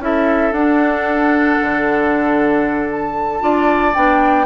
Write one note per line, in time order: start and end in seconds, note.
0.00 0.53 C#4
0.00 0.54 E4
0.00 3.43 A4
0.00 0.53 E5
0.53 1.58 D4
0.53 3.41 D4
0.53 2.90 F#5
1.62 3.43 D3
2.92 3.95 A5
3.41 3.95 D4
3.41 3.94 F4
3.41 4.47 D5
3.95 4.47 B3
3.95 4.47 D4
3.95 4.47 G5